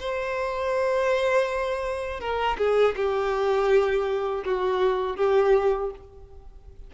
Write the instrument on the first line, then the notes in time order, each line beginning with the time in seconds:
violin
0.00 C5
2.20 A#4
2.58 G#4
2.96 G4
4.45 F#4
5.16 G4